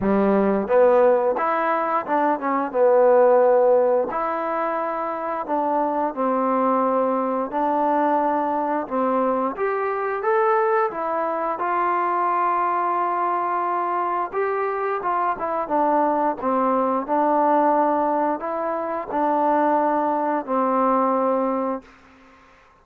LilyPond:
\new Staff \with { instrumentName = "trombone" } { \time 4/4 \tempo 4 = 88 g4 b4 e'4 d'8 cis'8 | b2 e'2 | d'4 c'2 d'4~ | d'4 c'4 g'4 a'4 |
e'4 f'2.~ | f'4 g'4 f'8 e'8 d'4 | c'4 d'2 e'4 | d'2 c'2 | }